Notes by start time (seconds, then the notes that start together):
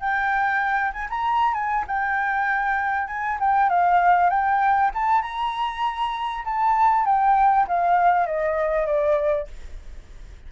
0.00 G5
0.93 G#5
1.10 A#5
1.54 G#5
1.88 G5
3.08 G#5
3.40 G5
3.69 F5
4.30 G5
4.94 A5
5.22 A#5
6.45 A5
7.05 G5
7.68 F5
8.27 D#5
8.86 D5